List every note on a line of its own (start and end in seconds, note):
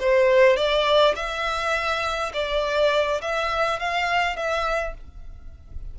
0.00 0.56 C5
0.56 1.15 D5
1.15 2.32 E5
2.33 3.21 D5
3.21 3.79 E5
3.79 4.36 F5
4.36 4.94 E5